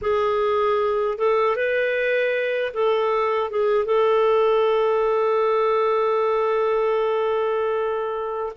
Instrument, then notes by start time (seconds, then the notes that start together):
clarinet
0.01 G#4
1.18 A4
1.56 B4
2.73 A4
3.50 G#4
3.85 A4